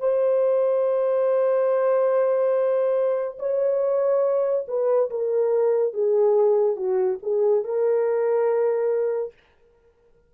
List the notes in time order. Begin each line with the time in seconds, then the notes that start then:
0.00 C5
3.39 C#5
4.68 B4
5.10 A#4
5.93 G#4
6.76 F#4
7.23 G#4
7.64 A#4